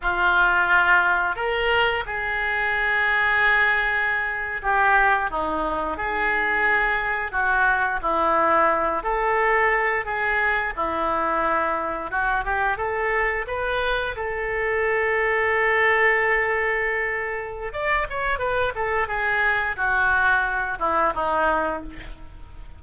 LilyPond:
\new Staff \with { instrumentName = "oboe" } { \time 4/4 \tempo 4 = 88 f'2 ais'4 gis'4~ | gis'2~ gis'8. g'4 dis'16~ | dis'8. gis'2 fis'4 e'16~ | e'4~ e'16 a'4. gis'4 e'16~ |
e'4.~ e'16 fis'8 g'8 a'4 b'16~ | b'8. a'2.~ a'16~ | a'2 d''8 cis''8 b'8 a'8 | gis'4 fis'4. e'8 dis'4 | }